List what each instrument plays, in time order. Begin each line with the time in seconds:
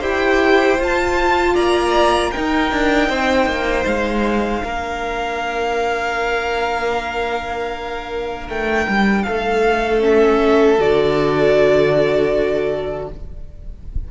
0.00 cello E4, viola G4, violin C5 G5
0.79 cello F4, viola F4, violin A5
1.54 cello A#3, violin D5 A#5
2.32 viola D#4, cello D#4, violin A#4 G5
2.72 cello D4
3.09 cello C4, violin C5
3.46 cello A#3
3.87 cello G#3, violin F5
4.63 cello A#3, viola D4, violin A#4
8.49 cello A3, violin G5
8.88 cello G3
9.24 cello A3, violin A4 F5
10.01 viola C#4, violin E5
10.79 cello D3, viola F#4, violin D5